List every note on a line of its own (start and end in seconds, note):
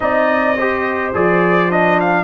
0.00 1.14 C4
0.00 0.56 D#4
0.00 0.56 D5
0.00 1.12 D#5
0.56 1.14 G4
0.56 2.24 C5
1.14 2.24 F3
1.14 1.69 G#4
1.14 1.71 D5
1.69 2.24 D4
1.69 1.99 D#5
2.00 2.24 F5